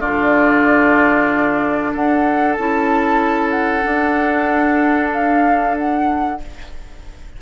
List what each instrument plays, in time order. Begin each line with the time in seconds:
0.00 bassoon D3, clarinet D4, oboe F4, flute D5
1.93 bassoon D4, oboe A4, flute F#5
2.53 bassoon C#4, clarinet E4, flute A5
3.50 flute F#5
3.82 clarinet D4, bassoon D4
5.13 flute F5
5.78 flute F#5